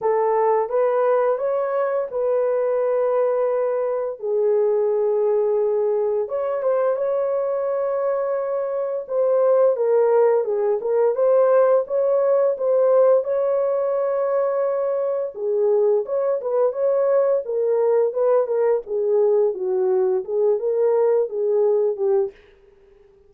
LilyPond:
\new Staff \with { instrumentName = "horn" } { \time 4/4 \tempo 4 = 86 a'4 b'4 cis''4 b'4~ | b'2 gis'2~ | gis'4 cis''8 c''8 cis''2~ | cis''4 c''4 ais'4 gis'8 ais'8 |
c''4 cis''4 c''4 cis''4~ | cis''2 gis'4 cis''8 b'8 | cis''4 ais'4 b'8 ais'8 gis'4 | fis'4 gis'8 ais'4 gis'4 g'8 | }